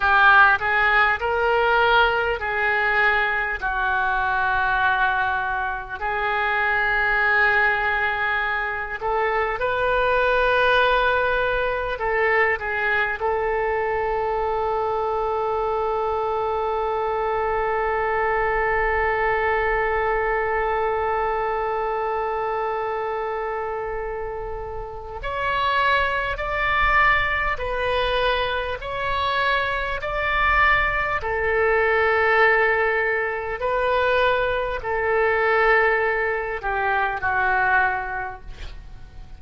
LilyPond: \new Staff \with { instrumentName = "oboe" } { \time 4/4 \tempo 4 = 50 g'8 gis'8 ais'4 gis'4 fis'4~ | fis'4 gis'2~ gis'8 a'8 | b'2 a'8 gis'8 a'4~ | a'1~ |
a'1~ | a'4 cis''4 d''4 b'4 | cis''4 d''4 a'2 | b'4 a'4. g'8 fis'4 | }